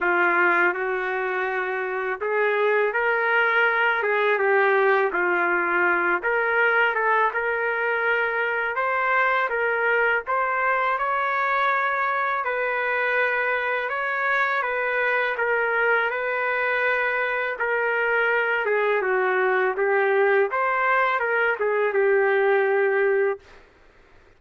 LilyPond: \new Staff \with { instrumentName = "trumpet" } { \time 4/4 \tempo 4 = 82 f'4 fis'2 gis'4 | ais'4. gis'8 g'4 f'4~ | f'8 ais'4 a'8 ais'2 | c''4 ais'4 c''4 cis''4~ |
cis''4 b'2 cis''4 | b'4 ais'4 b'2 | ais'4. gis'8 fis'4 g'4 | c''4 ais'8 gis'8 g'2 | }